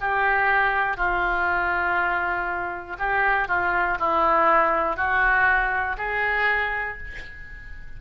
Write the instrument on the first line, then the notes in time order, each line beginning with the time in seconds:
oboe
0.00 G4
0.97 F4
2.99 G4
3.48 F4
3.99 E4
4.96 F#4
5.98 G#4